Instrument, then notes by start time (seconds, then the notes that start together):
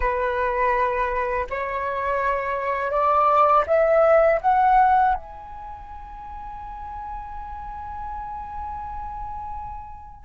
flute
0.00 B4
1.50 C#5
2.91 D5
3.66 E5
4.41 F#5
5.14 G#5